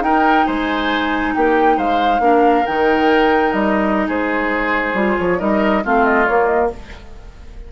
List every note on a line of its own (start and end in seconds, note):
0.00 0.44 D#4
0.00 2.20 D#4
0.00 0.46 A#4
0.00 0.46 G5
0.46 1.35 G#3
0.46 1.33 C5
0.46 1.34 G#5
1.34 1.77 A#3
1.34 1.77 G4
1.34 1.78 G5
1.77 2.19 G#3
1.77 2.21 C5
1.77 2.66 F5
2.19 2.63 A#3
2.19 2.64 D4
2.19 4.07 A#4
2.66 3.53 D#3
2.66 4.95 D#4
2.66 3.52 G5
3.52 4.07 G3
3.52 4.07 D#5
4.07 4.94 G#3
4.07 5.38 G#4
4.07 5.19 C5
4.94 5.15 G3
4.94 5.37 F4
5.19 5.40 F3
5.19 5.39 C#5
5.37 5.84 G3
5.37 5.81 D#4
5.37 5.83 A#4
5.37 5.83 D#5
5.82 6.28 A3
5.82 6.26 C4
5.82 6.71 F4
5.82 6.04 F5
6.04 6.26 D#5
6.26 6.70 A#3
6.26 6.72 A#3
6.26 6.45 C#5
6.45 6.67 D#5